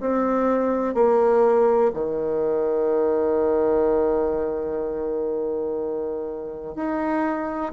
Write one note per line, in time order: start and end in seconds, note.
0.00 0.94 C4
0.94 1.91 A#3
1.93 6.75 D#3
6.75 7.72 D#4